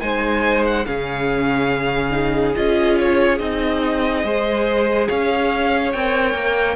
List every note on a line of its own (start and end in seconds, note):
0.00 0.85 G#3
0.00 0.85 D#4
0.00 0.87 C5
0.00 0.63 G#5
0.65 0.86 F#5
0.86 2.56 C#3
0.86 2.11 C#4
0.86 4.25 G#4
0.86 2.55 F5
2.11 2.53 D#4
2.55 3.39 C#4
2.55 3.39 F4
2.55 2.98 D#5
2.99 3.38 C#5
3.38 4.24 C4
3.38 4.24 D#4
3.38 5.07 D#5
4.24 5.08 G#3
4.24 5.93 G#4
4.24 5.08 C5
5.08 5.94 C#4
5.08 6.76 C#5
5.08 5.92 F5
5.92 6.34 C4
5.92 6.76 A#4
5.92 6.76 G5
6.34 6.76 A#3